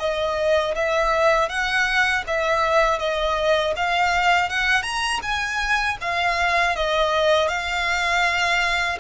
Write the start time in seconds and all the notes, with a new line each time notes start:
0.00 D#5
0.76 E5
1.49 F#5
2.27 E5
2.99 D#5
3.77 F5
4.50 F#5
4.83 A#5
5.23 G#5
6.01 F5
6.76 D#5
7.49 F5